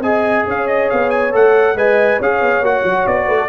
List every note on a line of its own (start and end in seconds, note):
0.00 0.43 C4
0.00 1.32 G#4
0.00 0.47 D#5
0.00 0.46 G#5
0.47 0.91 C#4
0.47 1.78 C#5
0.47 0.68 F5
0.68 0.89 D#5
0.90 1.35 B3
0.90 1.11 F5
1.11 1.32 G#5
1.32 1.75 A3
1.32 1.75 A4
1.32 1.78 F#5
1.75 2.19 G#3
1.75 2.20 B4
1.75 2.19 D#5
1.75 2.21 G#5
2.19 2.41 C#4
2.19 2.64 G#4
2.19 3.27 C#5
2.19 2.66 F5
2.41 2.62 B3
2.62 2.83 A#3
2.62 3.49 F#4
2.62 3.07 F#5
2.84 3.06 F#3
3.07 3.28 B3
3.07 3.49 D5
3.27 3.49 A3
3.27 3.37 B4
3.39 3.49 A4